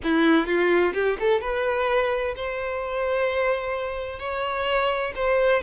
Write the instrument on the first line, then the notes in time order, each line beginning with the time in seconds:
violin
0.03 E4
0.46 F4
0.93 G4
1.19 A4
1.41 B4
2.36 C5
4.19 C#5
5.15 C5